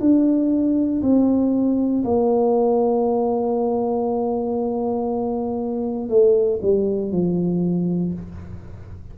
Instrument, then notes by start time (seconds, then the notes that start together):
tuba
0.00 D4
1.02 C4
2.04 A#3
6.09 A3
6.62 G3
7.11 F3